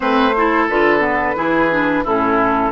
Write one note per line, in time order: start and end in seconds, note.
0.00 0.69 A3
0.00 0.32 C4
0.00 0.35 B4
0.00 0.66 C5
0.36 0.69 E4
0.36 1.36 A4
0.69 1.36 D3
0.69 0.99 F4
0.69 2.05 B4
0.99 1.34 B3
1.34 2.04 E3
1.34 1.68 E4
1.34 2.03 G#4
1.70 2.04 D4
2.03 2.72 A2
2.03 2.72 C#4
2.03 2.72 E4
2.03 2.72 A4